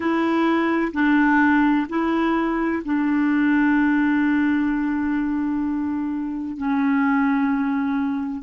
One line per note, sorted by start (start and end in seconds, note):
0.00 0.92 E4
0.93 1.87 D4
1.89 2.83 E4
2.85 6.57 D4
6.57 8.42 C#4